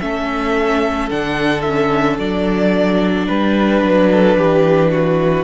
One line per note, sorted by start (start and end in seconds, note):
0.00 1.10 A3
0.00 1.10 C#4
0.00 3.27 A4
0.00 1.09 E5
1.10 2.19 D3
1.10 1.64 D4
1.10 1.62 F#5
1.62 2.20 C#4
1.62 2.16 E5
2.19 3.28 F#3
2.19 5.44 D4
2.19 3.28 D5
3.27 3.82 G3
3.27 4.09 B4
3.27 5.44 B4
3.82 4.37 F#3
4.12 4.38 A4
4.38 5.44 E3
4.38 4.91 G4
4.91 5.44 F#4